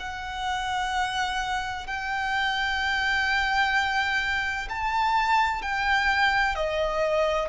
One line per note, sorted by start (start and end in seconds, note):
0.00 1.87 F#5
1.87 4.68 G5
4.70 5.62 A5
5.62 6.55 G5
6.55 7.49 D#5